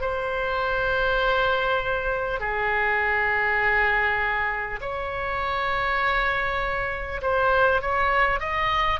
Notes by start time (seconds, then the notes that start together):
0.00 C5
2.39 G#4
4.81 C#5
7.21 C5
7.81 C#5
8.39 D#5